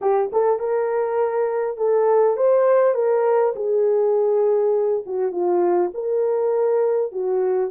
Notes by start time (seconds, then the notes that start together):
0.01 G4
0.32 A4
0.59 A#4
1.77 A4
2.36 C5
2.94 A#4
3.55 G#4
5.06 F#4
5.31 F4
5.94 A#4
7.12 F#4